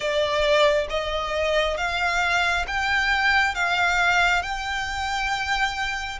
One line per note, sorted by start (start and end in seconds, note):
0.00 0.87 D5
0.89 1.77 D#5
1.77 2.65 F5
2.67 3.54 G5
3.54 4.42 F5
4.42 6.18 G5